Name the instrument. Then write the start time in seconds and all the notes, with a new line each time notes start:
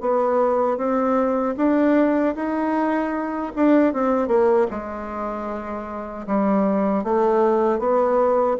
bassoon
0.00 B3
0.77 C4
1.57 D4
2.35 D#4
3.55 D4
3.93 C4
4.27 A#3
4.70 G#3
6.26 G3
7.03 A3
7.79 B3